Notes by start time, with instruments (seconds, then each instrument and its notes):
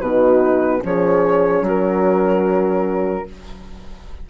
0.00 bassoon B2, horn D#4 F#4, flute B4
0.80 bassoon F3, horn C#4 G#4, flute C#5
1.61 bassoon F#3, horn F#4
1.67 flute A#4